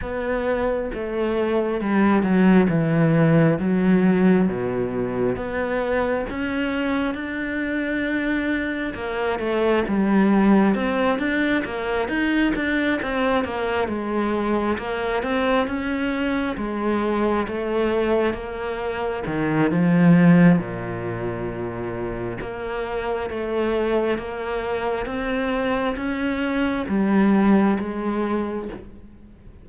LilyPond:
\new Staff \with { instrumentName = "cello" } { \time 4/4 \tempo 4 = 67 b4 a4 g8 fis8 e4 | fis4 b,4 b4 cis'4 | d'2 ais8 a8 g4 | c'8 d'8 ais8 dis'8 d'8 c'8 ais8 gis8~ |
gis8 ais8 c'8 cis'4 gis4 a8~ | a8 ais4 dis8 f4 ais,4~ | ais,4 ais4 a4 ais4 | c'4 cis'4 g4 gis4 | }